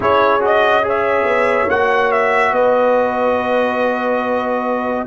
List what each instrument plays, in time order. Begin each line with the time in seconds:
0.00 tuba C#4, trombone E4, horn G#4, trumpet C#5
0.40 trombone F#4, trumpet D#5
0.82 trombone G#4, horn C#5, trumpet E5
1.24 tuba B3
1.67 tuba A#3, trombone F#4, trumpet F#5
2.11 trumpet E5
2.51 tuba B3, horn B4, trumpet D#5